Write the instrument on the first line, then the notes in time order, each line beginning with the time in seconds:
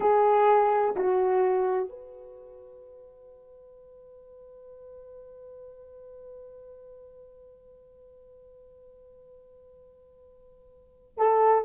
horn
0.00 G#4
0.95 F#4
1.89 B4
11.17 A4